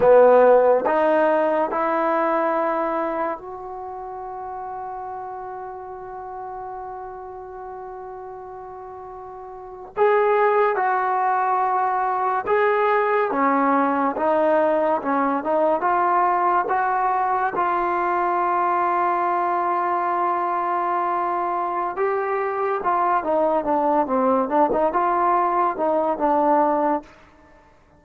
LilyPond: \new Staff \with { instrumentName = "trombone" } { \time 4/4 \tempo 4 = 71 b4 dis'4 e'2 | fis'1~ | fis'2.~ fis'8. gis'16~ | gis'8. fis'2 gis'4 cis'16~ |
cis'8. dis'4 cis'8 dis'8 f'4 fis'16~ | fis'8. f'2.~ f'16~ | f'2 g'4 f'8 dis'8 | d'8 c'8 d'16 dis'16 f'4 dis'8 d'4 | }